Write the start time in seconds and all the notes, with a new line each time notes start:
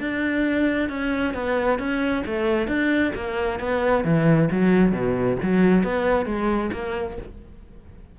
0.00 D4
0.89 C#4
1.34 B3
1.78 C#4
2.26 A3
2.67 D4
3.15 A#3
3.60 B3
4.04 E3
4.51 F#3
4.92 B2
5.42 F#3
5.83 B3
6.25 G#3
6.73 A#3